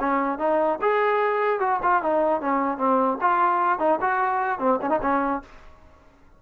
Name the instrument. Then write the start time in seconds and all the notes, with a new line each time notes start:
trombone
0.00 C#4
0.39 D#4
0.82 G#4
1.60 F#4
1.83 F4
2.03 D#4
2.41 C#4
2.78 C4
3.21 F4
3.79 D#4
4.01 F#4
4.60 C4
4.82 C#4
4.90 D#4
5.02 C#4